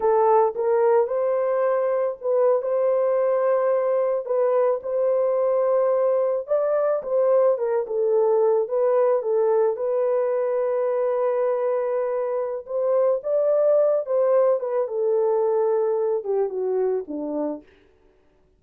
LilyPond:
\new Staff \with { instrumentName = "horn" } { \time 4/4 \tempo 4 = 109 a'4 ais'4 c''2 | b'8. c''2. b'16~ | b'8. c''2. d''16~ | d''8. c''4 ais'8 a'4. b'16~ |
b'8. a'4 b'2~ b'16~ | b'2. c''4 | d''4. c''4 b'8 a'4~ | a'4. g'8 fis'4 d'4 | }